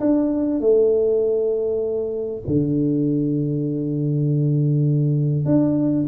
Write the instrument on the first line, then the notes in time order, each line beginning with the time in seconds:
tuba
0.00 D4
0.60 A3
2.47 D3
5.45 D4